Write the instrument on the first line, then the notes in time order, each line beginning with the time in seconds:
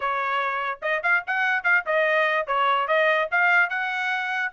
trumpet
0.00 C#5
0.82 D#5
1.03 F5
1.26 F#5
1.63 F5
1.85 D#5
2.46 C#5
2.87 D#5
3.31 F5
3.69 F#5